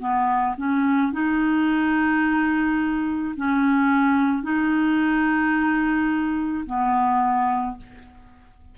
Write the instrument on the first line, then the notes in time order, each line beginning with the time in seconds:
clarinet
0.00 B3
0.58 C#4
1.13 D#4
3.37 C#4
4.43 D#4
6.67 B3